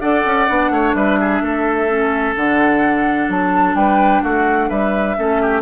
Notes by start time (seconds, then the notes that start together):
0.00 D4 A4 D5 F#5
0.25 C#4
0.48 B3 D4
0.70 A3 C#5
0.94 G3 B4 E5
1.20 G#4
1.41 A3 A4
1.88 C#4
2.36 D3 D4 F#5
3.28 F#3 A5
3.74 G3 B4 G5
4.23 A3 F#4 F#5
4.68 G3 B4 E5
5.17 A3 C#4 A4
5.41 G4